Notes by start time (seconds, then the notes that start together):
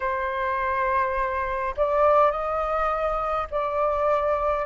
0.00 C5
1.76 D5
2.31 D#5
3.50 D5